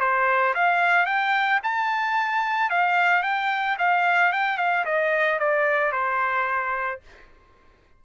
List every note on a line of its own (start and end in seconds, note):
0.00 0.54 C5
0.54 1.06 F5
1.06 1.60 G5
1.63 2.70 A5
2.70 3.23 F5
3.23 3.77 G5
3.78 4.32 F5
4.32 4.57 G5
4.57 4.85 F5
4.85 5.39 D#5
5.39 5.92 D5
5.92 7.00 C5